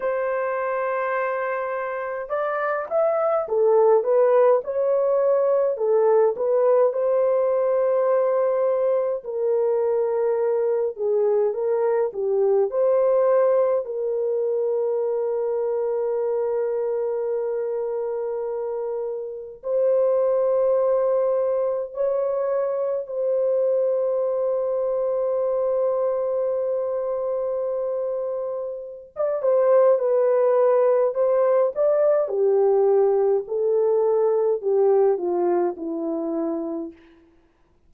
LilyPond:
\new Staff \with { instrumentName = "horn" } { \time 4/4 \tempo 4 = 52 c''2 d''8 e''8 a'8 b'8 | cis''4 a'8 b'8 c''2 | ais'4. gis'8 ais'8 g'8 c''4 | ais'1~ |
ais'4 c''2 cis''4 | c''1~ | c''4~ c''16 d''16 c''8 b'4 c''8 d''8 | g'4 a'4 g'8 f'8 e'4 | }